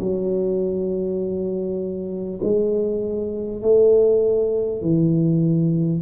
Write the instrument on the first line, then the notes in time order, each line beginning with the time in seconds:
tuba
0.00 F#3
2.43 G#3
3.62 A3
4.82 E3